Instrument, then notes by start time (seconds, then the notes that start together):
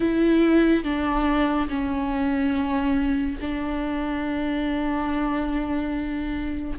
viola
0.00 E4
0.84 D4
1.69 C#4
3.40 D4